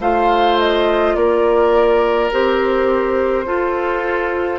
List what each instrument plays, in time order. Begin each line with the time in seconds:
0.00 bassoon A3, clarinet F4, oboe C5, flute F5
0.59 flute D#5
1.15 bassoon A#3, oboe A#4, flute D5
2.31 bassoon C4, clarinet G4, flute C5
3.46 clarinet F4, bassoon F4, oboe A4